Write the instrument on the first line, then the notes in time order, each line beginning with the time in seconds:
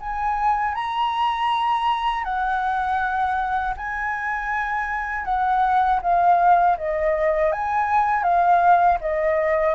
flute
0.00 G#5
0.75 A#5
2.24 F#5
3.77 G#5
5.25 F#5
6.02 F5
6.77 D#5
7.52 G#5
8.23 F5
9.01 D#5